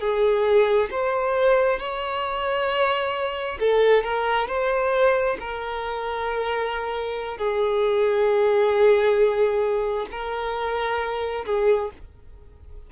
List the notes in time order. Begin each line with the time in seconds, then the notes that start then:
0.00 G#4
0.90 C5
1.79 C#5
3.59 A4
4.03 A#4
4.47 C5
5.40 A#4
7.38 G#4
10.11 A#4
11.45 G#4